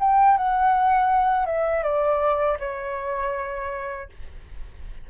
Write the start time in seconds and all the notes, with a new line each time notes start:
0.00 G5
0.38 F#5
1.46 E5
1.83 D5
2.60 C#5